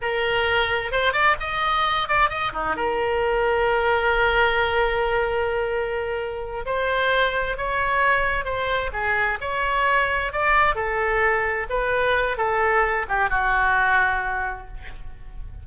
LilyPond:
\new Staff \with { instrumentName = "oboe" } { \time 4/4 \tempo 4 = 131 ais'2 c''8 d''8 dis''4~ | dis''8 d''8 dis''8 dis'8 ais'2~ | ais'1~ | ais'2~ ais'8 c''4.~ |
c''8 cis''2 c''4 gis'8~ | gis'8 cis''2 d''4 a'8~ | a'4. b'4. a'4~ | a'8 g'8 fis'2. | }